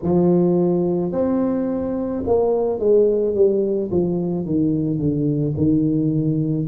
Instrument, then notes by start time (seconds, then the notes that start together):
tuba
0.02 F3
1.12 C4
2.26 A#3
2.79 G#3
3.34 G3
3.91 F3
4.45 D#3
4.98 D3
5.56 D#3